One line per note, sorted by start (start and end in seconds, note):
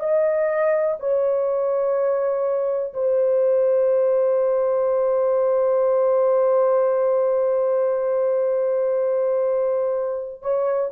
0.00 0.97 D#5
1.00 2.93 C#5
2.94 10.43 C5
10.43 10.91 C#5